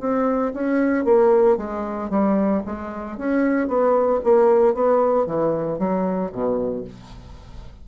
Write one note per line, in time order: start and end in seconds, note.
0.00 0.53 C4
0.54 1.05 C#4
1.05 1.57 A#3
1.58 2.10 G#3
2.10 2.63 G3
2.66 3.18 G#3
3.18 3.68 C#4
3.68 4.21 B3
4.24 4.75 A#3
4.75 5.27 B3
5.27 5.79 E3
5.79 6.32 F#3
6.32 6.85 B2